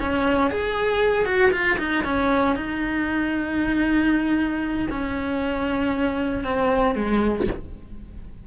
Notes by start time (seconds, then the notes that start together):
0.00 C#4
0.51 G#4
1.25 F#4
1.52 F4
1.79 D#4
2.04 C#4
2.56 D#4
4.90 C#4
6.44 C4
6.95 G#3